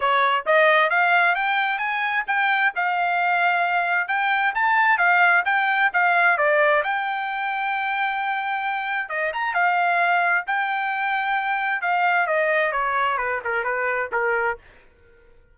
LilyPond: \new Staff \with { instrumentName = "trumpet" } { \time 4/4 \tempo 4 = 132 cis''4 dis''4 f''4 g''4 | gis''4 g''4 f''2~ | f''4 g''4 a''4 f''4 | g''4 f''4 d''4 g''4~ |
g''1 | dis''8 ais''8 f''2 g''4~ | g''2 f''4 dis''4 | cis''4 b'8 ais'8 b'4 ais'4 | }